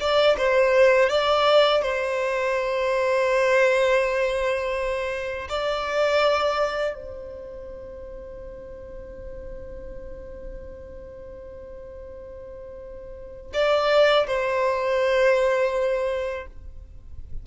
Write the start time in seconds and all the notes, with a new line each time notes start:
0.00 D5
0.37 C5
1.09 D5
1.82 C5
5.49 D5
6.94 C5
13.53 D5
14.27 C5